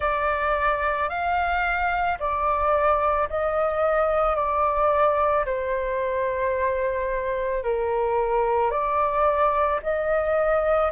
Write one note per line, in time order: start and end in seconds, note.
0.00 1.09 D5
1.09 2.18 F5
2.19 3.28 D5
3.29 4.35 D#5
4.35 5.44 D5
5.45 7.63 C5
7.63 8.70 A#4
8.70 9.79 D5
9.82 10.91 D#5